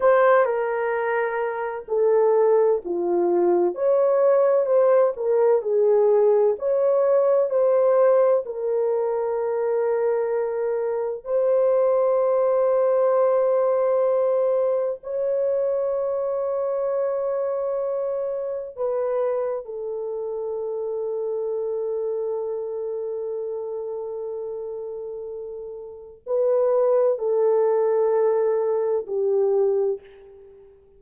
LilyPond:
\new Staff \with { instrumentName = "horn" } { \time 4/4 \tempo 4 = 64 c''8 ais'4. a'4 f'4 | cis''4 c''8 ais'8 gis'4 cis''4 | c''4 ais'2. | c''1 |
cis''1 | b'4 a'2.~ | a'1 | b'4 a'2 g'4 | }